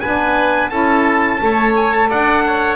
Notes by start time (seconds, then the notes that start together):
0.00 B3 D4 B4 G#5
0.69 C#4 E4 A4 A5
1.41 A3 A4 C#5
1.75 G#5
1.92 A5
2.09 D4 D5 F#5
2.46 C#5